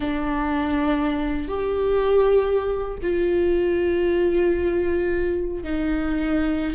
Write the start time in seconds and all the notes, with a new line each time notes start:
0.00 D4
1.48 G4
3.02 F4
5.63 D#4